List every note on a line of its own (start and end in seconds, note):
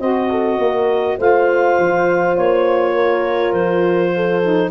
0.00 0.58 C4
0.00 1.18 F#4
0.00 0.29 C5
0.00 1.18 D#5
0.30 0.59 A4
0.58 1.17 A#3
0.58 1.18 A#4
1.18 1.78 A3
1.18 4.41 F4
1.18 2.95 C5
1.18 2.37 F5
1.79 2.38 F3
2.37 3.52 A#3
2.37 3.52 C#5
2.95 4.12 A#4
3.52 4.70 F3
3.52 4.70 C5
4.16 4.71 A4
4.42 4.71 D#4